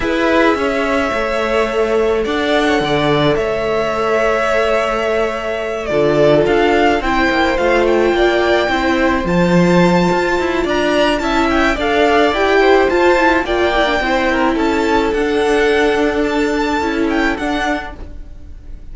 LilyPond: <<
  \new Staff \with { instrumentName = "violin" } { \time 4/4 \tempo 4 = 107 e''1 | fis''2 e''2~ | e''2~ e''8 d''4 f''8~ | f''8 g''4 f''8 g''2~ |
g''8 a''2~ a''8 ais''4 | a''8 g''8 f''4 g''4 a''4 | g''2 a''4 fis''4~ | fis''4 a''4. g''8 fis''4 | }
  \new Staff \with { instrumentName = "violin" } { \time 4/4 b'4 cis''2. | d''8. cis''16 d''4 cis''2~ | cis''2~ cis''8 a'4.~ | a'8 c''2 d''4 c''8~ |
c''2. d''4 | e''4 d''4. c''4. | d''4 c''8 ais'8 a'2~ | a'1 | }
  \new Staff \with { instrumentName = "viola" } { \time 4/4 gis'2 a'2~ | a'1~ | a'2~ a'8 f'4.~ | f'8 e'4 f'2 e'8~ |
e'8 f'2.~ f'8 | e'4 a'4 g'4 f'8 e'8 | f'8 e'16 d'16 e'2 d'4~ | d'2 e'4 d'4 | }
  \new Staff \with { instrumentName = "cello" } { \time 4/4 e'4 cis'4 a2 | d'4 d4 a2~ | a2~ a8 d4 d'8~ | d'8 c'8 ais8 a4 ais4 c'8~ |
c'8 f4. f'8 e'8 d'4 | cis'4 d'4 e'4 f'4 | ais4 c'4 cis'4 d'4~ | d'2 cis'4 d'4 | }
>>